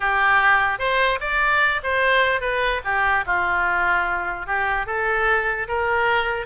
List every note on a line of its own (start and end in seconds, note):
0.00 0.78 G4
0.78 1.19 C5
1.20 1.81 D5
1.83 2.40 C5
2.40 2.81 B4
2.84 3.25 G4
3.26 4.46 F4
4.46 4.86 G4
4.86 5.67 A4
5.68 6.46 A#4